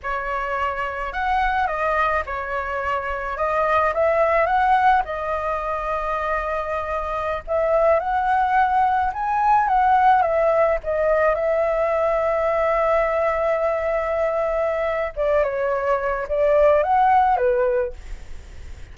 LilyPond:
\new Staff \with { instrumentName = "flute" } { \time 4/4 \tempo 4 = 107 cis''2 fis''4 dis''4 | cis''2 dis''4 e''4 | fis''4 dis''2.~ | dis''4~ dis''16 e''4 fis''4.~ fis''16~ |
fis''16 gis''4 fis''4 e''4 dis''8.~ | dis''16 e''2.~ e''8.~ | e''2. d''8 cis''8~ | cis''4 d''4 fis''4 b'4 | }